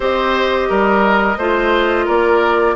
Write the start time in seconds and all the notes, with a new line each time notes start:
0.00 C4 G4 C5 D#5
0.69 G3 A#4
1.37 A3 F4 C5
2.05 A#3 A#4 D5